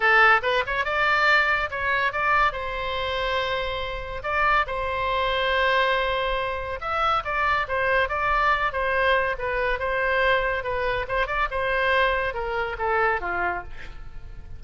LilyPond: \new Staff \with { instrumentName = "oboe" } { \time 4/4 \tempo 4 = 141 a'4 b'8 cis''8 d''2 | cis''4 d''4 c''2~ | c''2 d''4 c''4~ | c''1 |
e''4 d''4 c''4 d''4~ | d''8 c''4. b'4 c''4~ | c''4 b'4 c''8 d''8 c''4~ | c''4 ais'4 a'4 f'4 | }